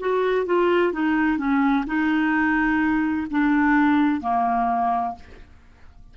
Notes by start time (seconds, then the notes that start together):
0.00 F#4
0.46 F4
0.93 D#4
1.38 C#4
1.87 D#4
3.31 D4
4.21 A#3